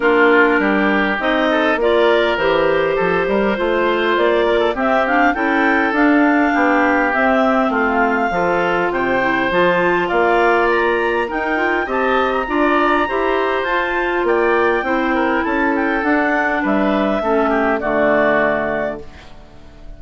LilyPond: <<
  \new Staff \with { instrumentName = "clarinet" } { \time 4/4 \tempo 4 = 101 ais'2 dis''4 d''4 | c''2. d''4 | e''8 f''8 g''4 f''2 | e''4 f''2 g''4 |
a''4 f''4 ais''4 g''4 | a''8. ais''2~ ais''16 a''4 | g''2 a''8 g''8 fis''4 | e''2 d''2 | }
  \new Staff \with { instrumentName = "oboe" } { \time 4/4 f'4 g'4. a'8 ais'4~ | ais'4 a'8 ais'8 c''4. ais'16 a'16 | g'4 a'2 g'4~ | g'4 f'4 a'4 c''4~ |
c''4 d''2 ais'4 | dis''4 d''4 c''2 | d''4 c''8 ais'8 a'2 | b'4 a'8 g'8 fis'2 | }
  \new Staff \with { instrumentName = "clarinet" } { \time 4/4 d'2 dis'4 f'4 | g'2 f'2 | c'8 d'8 e'4 d'2 | c'2 f'4. e'8 |
f'2. dis'8 f'8 | g'4 f'4 g'4 f'4~ | f'4 e'2 d'4~ | d'4 cis'4 a2 | }
  \new Staff \with { instrumentName = "bassoon" } { \time 4/4 ais4 g4 c'4 ais4 | e4 f8 g8 a4 ais4 | c'4 cis'4 d'4 b4 | c'4 a4 f4 c4 |
f4 ais2 dis'4 | c'4 d'4 e'4 f'4 | ais4 c'4 cis'4 d'4 | g4 a4 d2 | }
>>